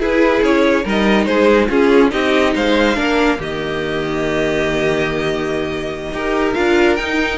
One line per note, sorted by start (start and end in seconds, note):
0.00 0.85 E4
0.00 0.42 E4
0.00 0.84 G#4
0.00 0.44 B4
0.42 0.85 C#4
0.42 0.86 C#5
0.84 1.26 G3
0.84 1.70 D#4
0.84 1.27 A#4
0.84 1.26 D#5
1.26 1.69 G#3
1.26 1.69 G#4
1.26 1.68 C5
1.69 2.12 C#4
1.69 2.11 C#4
1.69 2.11 F4
1.69 2.12 G#4
2.11 2.55 C4
2.11 2.95 D#4
2.11 2.55 G4
2.11 2.54 D#5
2.55 2.98 G#3
2.55 2.96 C5
2.55 3.41 F5
2.95 3.40 A#3
2.95 3.38 D4
2.95 3.38 A#4
3.38 6.13 D#3
3.38 6.13 A#3
3.38 6.14 G4
3.38 6.54 D#5
6.13 6.55 D#4
6.13 6.55 G4
6.13 7.39 A#4
6.54 7.00 D4
6.54 6.97 F4
6.54 6.96 F5
6.96 7.39 D#4
6.96 7.39 G5